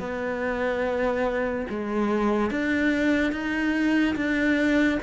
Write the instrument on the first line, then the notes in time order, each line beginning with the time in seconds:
cello
0.00 B3
1.70 G#3
2.51 D4
3.33 D#4
4.16 D4